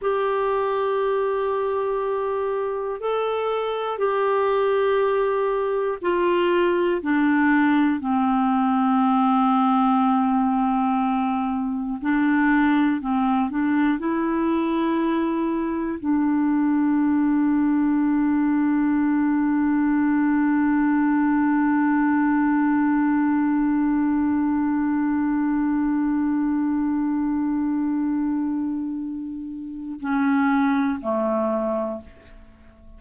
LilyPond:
\new Staff \with { instrumentName = "clarinet" } { \time 4/4 \tempo 4 = 60 g'2. a'4 | g'2 f'4 d'4 | c'1 | d'4 c'8 d'8 e'2 |
d'1~ | d'1~ | d'1~ | d'2 cis'4 a4 | }